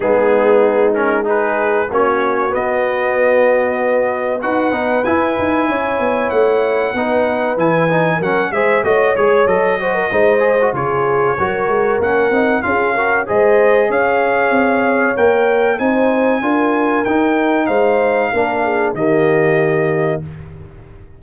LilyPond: <<
  \new Staff \with { instrumentName = "trumpet" } { \time 4/4 \tempo 4 = 95 gis'4. ais'8 b'4 cis''4 | dis''2. fis''4 | gis''2 fis''2 | gis''4 fis''8 e''8 dis''8 cis''8 dis''4~ |
dis''4 cis''2 fis''4 | f''4 dis''4 f''2 | g''4 gis''2 g''4 | f''2 dis''2 | }
  \new Staff \with { instrumentName = "horn" } { \time 4/4 dis'2 gis'4 fis'4~ | fis'2. b'4~ | b'4 cis''2 b'4~ | b'4 ais'8 c''8 cis''4. c''16 ais'16 |
c''4 gis'4 ais'2 | gis'8 ais'8 c''4 cis''2~ | cis''4 c''4 ais'2 | c''4 ais'8 gis'8 g'2 | }
  \new Staff \with { instrumentName = "trombone" } { \time 4/4 b4. cis'8 dis'4 cis'4 | b2. fis'8 dis'8 | e'2. dis'4 | e'8 dis'8 cis'8 gis'8 fis'8 gis'8 a'8 fis'8 |
dis'8 gis'16 fis'16 f'4 fis'4 cis'8 dis'8 | f'8 fis'8 gis'2. | ais'4 dis'4 f'4 dis'4~ | dis'4 d'4 ais2 | }
  \new Staff \with { instrumentName = "tuba" } { \time 4/4 gis2. ais4 | b2. dis'8 b8 | e'8 dis'8 cis'8 b8 a4 b4 | e4 fis8 gis8 a8 gis8 fis4 |
gis4 cis4 fis8 gis8 ais8 c'8 | cis'4 gis4 cis'4 c'4 | ais4 c'4 d'4 dis'4 | gis4 ais4 dis2 | }
>>